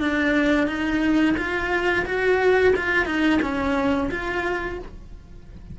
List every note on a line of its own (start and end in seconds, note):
0.00 0.67 D4
0.67 1.35 D#4
1.37 2.05 F4
2.05 2.74 F#4
2.76 3.06 F4
3.06 3.40 D#4
3.42 4.10 C#4
4.11 4.79 F4